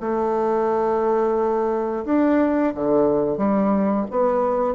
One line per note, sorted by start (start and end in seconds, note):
0.00 2.05 A3
2.05 2.73 D4
2.75 3.37 D3
3.37 4.05 G3
4.11 4.74 B3